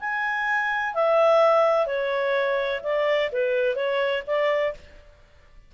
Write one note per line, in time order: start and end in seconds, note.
0.00 0.94 G#5
0.95 1.87 E5
1.87 2.81 C#5
2.83 3.31 D5
3.32 3.76 B4
3.76 4.23 C#5
4.27 4.74 D5